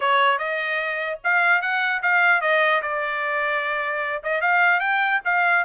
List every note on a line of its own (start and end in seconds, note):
0.00 0.38 C#5
0.38 1.19 D#5
1.24 1.61 F5
1.61 2.01 F#5
2.02 2.41 F5
2.41 2.81 D#5
2.82 4.22 D5
4.23 4.41 D#5
4.41 4.80 F5
4.80 5.20 G5
5.25 5.64 F5